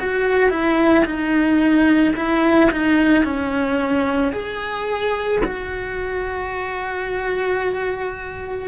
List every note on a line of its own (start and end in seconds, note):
0.00 0.50 F#4
0.50 1.05 E4
1.05 2.14 D#4
2.16 2.71 E4
2.71 3.24 D#4
3.24 4.33 C#4
4.33 5.42 G#4
5.44 8.68 F#4